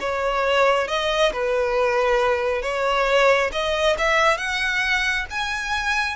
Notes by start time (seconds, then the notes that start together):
0.00 C#5
0.88 D#5
1.33 B4
2.62 C#5
3.52 D#5
3.98 E5
4.37 F#5
5.30 G#5